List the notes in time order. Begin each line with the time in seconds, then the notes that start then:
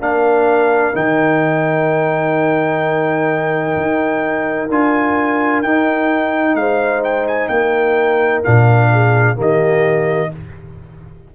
0.00 A#3 D4 A#4 F5
0.94 D#3 D#4 G5
3.77 D#4
4.70 D4 F4 G#5
5.63 D#4 G5
6.55 G#3 C5 F5
7.04 G5
7.28 G#5
7.48 A#3 A#4 G5
8.44 A#2 D4 F5
8.92 G#4
9.36 D#3 A#3 G4 D#5